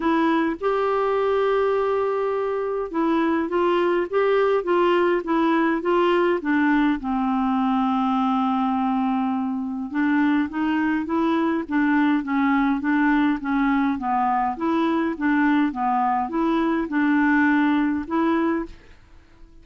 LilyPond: \new Staff \with { instrumentName = "clarinet" } { \time 4/4 \tempo 4 = 103 e'4 g'2.~ | g'4 e'4 f'4 g'4 | f'4 e'4 f'4 d'4 | c'1~ |
c'4 d'4 dis'4 e'4 | d'4 cis'4 d'4 cis'4 | b4 e'4 d'4 b4 | e'4 d'2 e'4 | }